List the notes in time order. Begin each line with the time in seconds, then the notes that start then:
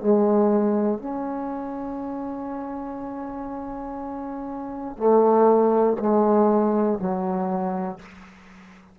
0.00 G#3
0.99 C#4
4.97 A3
5.99 G#3
6.99 F#3